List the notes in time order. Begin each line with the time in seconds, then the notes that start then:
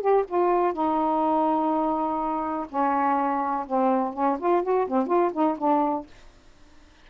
0.00 G4
0.28 F4
0.73 D#4
2.69 C#4
3.67 C4
4.13 C#4
4.39 F4
4.63 F#4
4.87 C4
5.07 F4
5.33 D#4
5.58 D4